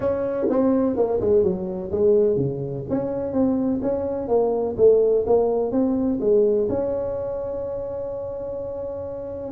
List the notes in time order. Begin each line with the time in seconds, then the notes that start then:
0.00 C#4
0.49 C4
0.96 A#3
1.20 G#3
1.43 F#3
1.91 G#3
2.36 C#3
2.89 C#4
3.32 C4
3.81 C#4
4.27 A#3
4.77 A3
5.26 A#3
5.71 C4
6.20 G#3
6.69 C#4